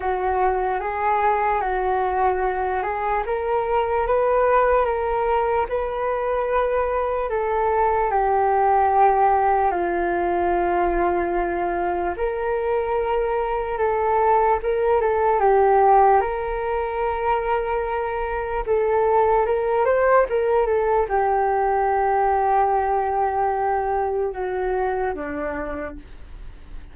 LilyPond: \new Staff \with { instrumentName = "flute" } { \time 4/4 \tempo 4 = 74 fis'4 gis'4 fis'4. gis'8 | ais'4 b'4 ais'4 b'4~ | b'4 a'4 g'2 | f'2. ais'4~ |
ais'4 a'4 ais'8 a'8 g'4 | ais'2. a'4 | ais'8 c''8 ais'8 a'8 g'2~ | g'2 fis'4 d'4 | }